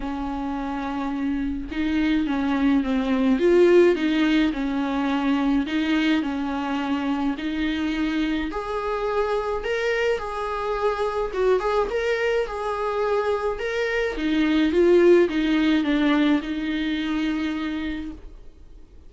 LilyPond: \new Staff \with { instrumentName = "viola" } { \time 4/4 \tempo 4 = 106 cis'2. dis'4 | cis'4 c'4 f'4 dis'4 | cis'2 dis'4 cis'4~ | cis'4 dis'2 gis'4~ |
gis'4 ais'4 gis'2 | fis'8 gis'8 ais'4 gis'2 | ais'4 dis'4 f'4 dis'4 | d'4 dis'2. | }